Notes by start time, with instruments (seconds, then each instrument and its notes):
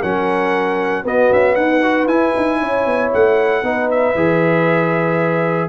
0.00 tuba F#3, trombone C#4, horn A#4, trumpet F#5
1.04 trombone B3, tuba B3, horn F#4, trumpet D#5
1.32 tuba C#4, trumpet E5
1.55 tuba D#4, horn B4, trumpet F#5
1.83 trombone F#4
2.07 tuba E4, trombone E4, trumpet G#5
2.37 tuba D#4
2.60 tuba C#4, horn C#5
2.86 tuba B3
3.14 tuba A3, trumpet F#5
3.63 tuba B3, trombone D#4, horn B4
3.91 trumpet E5
4.15 tuba E3, trombone G#4